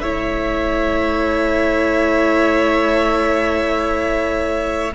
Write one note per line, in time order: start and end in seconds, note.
0.00 4.93 A3
0.00 4.94 E4
0.00 4.94 C#5
0.00 4.91 E5